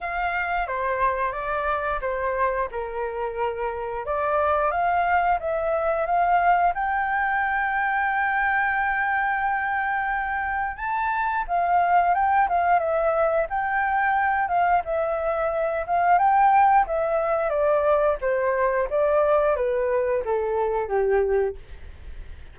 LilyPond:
\new Staff \with { instrumentName = "flute" } { \time 4/4 \tempo 4 = 89 f''4 c''4 d''4 c''4 | ais'2 d''4 f''4 | e''4 f''4 g''2~ | g''1 |
a''4 f''4 g''8 f''8 e''4 | g''4. f''8 e''4. f''8 | g''4 e''4 d''4 c''4 | d''4 b'4 a'4 g'4 | }